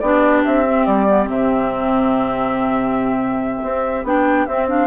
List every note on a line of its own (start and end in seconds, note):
0.00 0.44 B3
0.00 0.66 D4
0.00 4.87 G4
0.00 0.43 D5
0.45 0.87 C4
0.45 0.86 E5
0.66 1.08 C4
0.86 1.28 G3
0.86 1.29 D5
1.08 1.24 B3
1.24 3.62 C3
1.24 4.00 C4
1.30 4.07 E5
3.63 4.04 C4
4.04 4.47 B3
4.04 4.48 D4
4.04 4.46 G5
4.46 4.87 C4
4.46 4.68 C4
4.46 4.67 E5
4.68 4.87 D4
4.68 4.87 F5